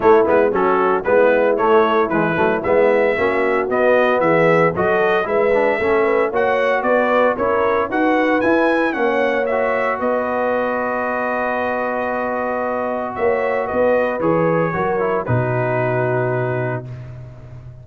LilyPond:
<<
  \new Staff \with { instrumentName = "trumpet" } { \time 4/4 \tempo 4 = 114 cis''8 b'8 a'4 b'4 cis''4 | b'4 e''2 dis''4 | e''4 dis''4 e''2 | fis''4 d''4 cis''4 fis''4 |
gis''4 fis''4 e''4 dis''4~ | dis''1~ | dis''4 e''4 dis''4 cis''4~ | cis''4 b'2. | }
  \new Staff \with { instrumentName = "horn" } { \time 4/4 e'4 fis'4 e'2~ | e'2 fis'2 | gis'4 a'4 b'4 a'8 b'8 | cis''4 b'4 ais'4 b'4~ |
b'4 cis''2 b'4~ | b'1~ | b'4 cis''4 b'2 | ais'4 fis'2. | }
  \new Staff \with { instrumentName = "trombone" } { \time 4/4 a8 b8 cis'4 b4 a4 | gis8 a8 b4 cis'4 b4~ | b4 fis'4 e'8 d'8 cis'4 | fis'2 e'4 fis'4 |
e'4 cis'4 fis'2~ | fis'1~ | fis'2. gis'4 | fis'8 e'8 dis'2. | }
  \new Staff \with { instrumentName = "tuba" } { \time 4/4 a8 gis8 fis4 gis4 a4 | e8 fis8 gis4 ais4 b4 | e4 fis4 gis4 a4 | ais4 b4 cis'4 dis'4 |
e'4 ais2 b4~ | b1~ | b4 ais4 b4 e4 | fis4 b,2. | }
>>